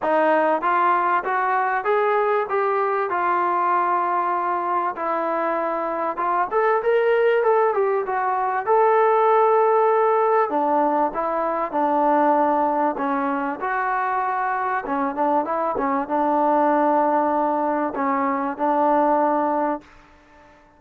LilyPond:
\new Staff \with { instrumentName = "trombone" } { \time 4/4 \tempo 4 = 97 dis'4 f'4 fis'4 gis'4 | g'4 f'2. | e'2 f'8 a'8 ais'4 | a'8 g'8 fis'4 a'2~ |
a'4 d'4 e'4 d'4~ | d'4 cis'4 fis'2 | cis'8 d'8 e'8 cis'8 d'2~ | d'4 cis'4 d'2 | }